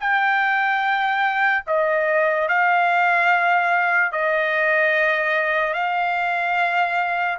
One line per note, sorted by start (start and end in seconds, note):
0.00 1.64 G5
1.67 2.48 D#5
2.48 4.12 F5
4.12 5.74 D#5
5.74 7.38 F5